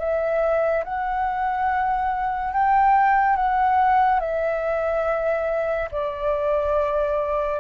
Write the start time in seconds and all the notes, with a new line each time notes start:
0.00 E5
0.85 F#5
2.54 G5
3.37 F#5
4.20 E5
5.92 D5